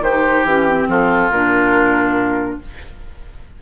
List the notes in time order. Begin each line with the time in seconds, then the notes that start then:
0.00 D#3 G4 C5
0.07 D#4
0.44 E3 C#4 G4
0.67 C4
0.87 F3 F4 A4
1.30 A#2 D4 A#4